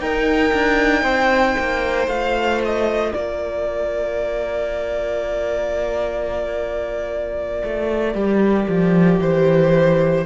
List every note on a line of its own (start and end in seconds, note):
0.00 0.53 D#4
0.00 2.09 D#4
0.00 1.02 A#4
0.00 2.08 G5
0.53 1.02 D4
1.02 1.55 C4
1.02 3.12 C5
1.58 2.07 A#3
2.07 3.12 A3
2.07 8.14 F4
2.07 2.61 F5
2.64 3.13 D#5
3.12 7.62 A#3
3.12 10.23 A#4
3.12 9.18 D5
7.64 8.14 A3
8.14 8.67 G3
8.14 10.24 G4
8.68 9.19 F3
9.19 10.24 E3
9.19 10.26 C5